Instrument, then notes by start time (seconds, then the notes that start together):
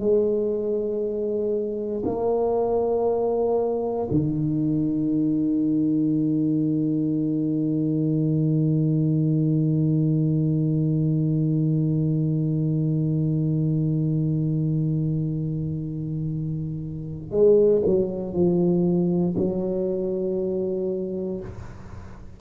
tuba
0.00 G#3
2.05 A#3
4.11 D#3
17.31 G#3
17.86 F#3
18.34 F3
19.37 F#3